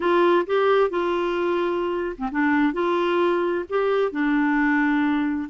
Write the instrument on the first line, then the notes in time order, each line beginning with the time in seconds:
clarinet
0.00 F4
0.46 G4
0.90 F4
2.18 C4
2.31 D4
2.73 F4
3.69 G4
4.11 D4